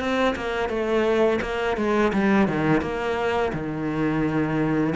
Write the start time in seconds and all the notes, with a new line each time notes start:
0.00 C4
0.36 A#3
0.69 A3
1.42 A#3
1.77 G#3
2.13 G3
2.48 D#3
2.82 A#3
3.53 D#3